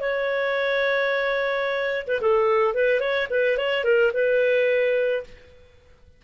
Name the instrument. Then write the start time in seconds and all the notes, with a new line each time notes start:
clarinet
0.00 C#5
2.07 B4
2.21 A4
2.74 B4
3.00 C#5
3.30 B4
3.57 C#5
3.84 A#4
4.13 B4